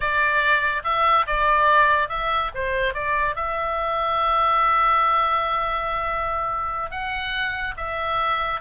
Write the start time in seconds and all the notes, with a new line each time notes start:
0.00 D5
0.84 E5
1.26 D5
2.08 E5
2.54 C5
2.94 D5
3.35 E5
6.91 F#5
7.76 E5